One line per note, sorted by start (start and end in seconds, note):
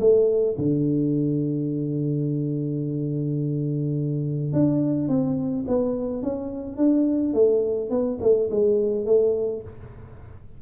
0.00 0.57 A3
0.58 4.53 D3
4.53 5.09 D4
5.09 5.65 C4
5.68 6.23 B3
6.23 6.77 C#4
6.77 7.34 D4
7.34 7.90 A3
7.90 8.18 B3
8.22 8.50 A3
8.51 9.06 G#3
9.06 9.62 A3